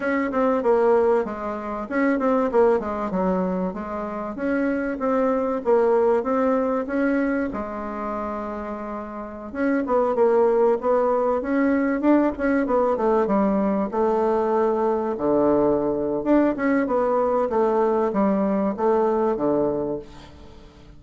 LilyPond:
\new Staff \with { instrumentName = "bassoon" } { \time 4/4 \tempo 4 = 96 cis'8 c'8 ais4 gis4 cis'8 c'8 | ais8 gis8 fis4 gis4 cis'4 | c'4 ais4 c'4 cis'4 | gis2.~ gis16 cis'8 b16~ |
b16 ais4 b4 cis'4 d'8 cis'16~ | cis'16 b8 a8 g4 a4.~ a16~ | a16 d4.~ d16 d'8 cis'8 b4 | a4 g4 a4 d4 | }